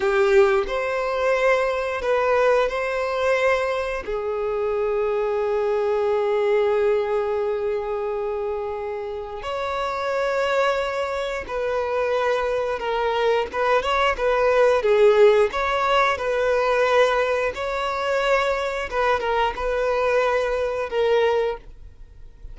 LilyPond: \new Staff \with { instrumentName = "violin" } { \time 4/4 \tempo 4 = 89 g'4 c''2 b'4 | c''2 gis'2~ | gis'1~ | gis'2 cis''2~ |
cis''4 b'2 ais'4 | b'8 cis''8 b'4 gis'4 cis''4 | b'2 cis''2 | b'8 ais'8 b'2 ais'4 | }